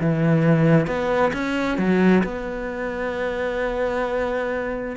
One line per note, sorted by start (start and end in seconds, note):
0.00 0.87 E3
0.87 1.32 B3
1.33 1.78 C#4
1.78 2.24 F#3
2.24 4.97 B3